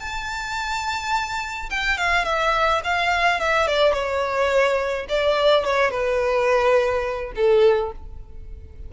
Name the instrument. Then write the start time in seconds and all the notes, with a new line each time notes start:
violin
0.00 A5
1.70 G5
1.98 F5
2.25 E5
2.84 F5
3.40 E5
3.67 D5
3.93 C#5
5.09 D5
5.65 C#5
5.91 B4
7.36 A4